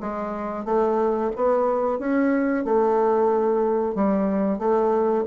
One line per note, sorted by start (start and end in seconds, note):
0.00 0.64 G#3
0.64 1.30 A3
1.35 1.99 B3
1.99 2.64 C#4
2.64 3.95 A3
3.95 4.58 G3
4.58 5.24 A3